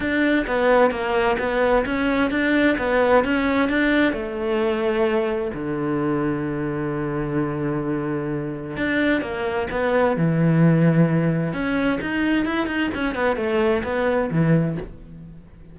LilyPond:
\new Staff \with { instrumentName = "cello" } { \time 4/4 \tempo 4 = 130 d'4 b4 ais4 b4 | cis'4 d'4 b4 cis'4 | d'4 a2. | d1~ |
d2. d'4 | ais4 b4 e2~ | e4 cis'4 dis'4 e'8 dis'8 | cis'8 b8 a4 b4 e4 | }